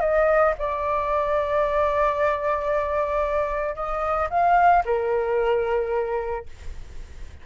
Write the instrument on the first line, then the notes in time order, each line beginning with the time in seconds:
flute
0.00 D#5
0.58 D5
3.75 D#5
4.30 F5
4.85 A#4